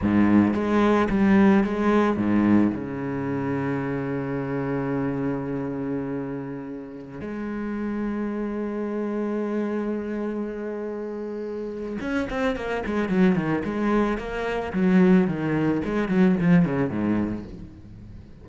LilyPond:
\new Staff \with { instrumentName = "cello" } { \time 4/4 \tempo 4 = 110 gis,4 gis4 g4 gis4 | gis,4 cis2.~ | cis1~ | cis4~ cis16 gis2~ gis8.~ |
gis1~ | gis2 cis'8 c'8 ais8 gis8 | fis8 dis8 gis4 ais4 fis4 | dis4 gis8 fis8 f8 cis8 gis,4 | }